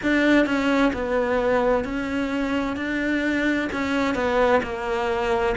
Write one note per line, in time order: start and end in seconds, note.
0.03 0.46 D4
0.46 0.92 C#4
0.93 1.84 B3
1.84 2.76 C#4
2.76 3.68 D4
3.72 4.14 C#4
4.14 4.60 B3
4.62 5.55 A#3